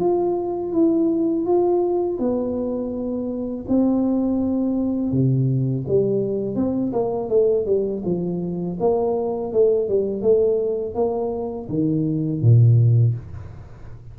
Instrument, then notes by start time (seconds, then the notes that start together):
tuba
0.00 F4
0.73 E4
1.46 F4
2.20 B3
3.69 C4
5.12 C3
5.88 G3
6.56 C4
6.93 A#3
7.30 A3
7.67 G3
8.06 F3
8.80 A#3
9.53 A3
9.89 G3
10.22 A3
10.95 A#3
11.69 D#3
12.42 A#2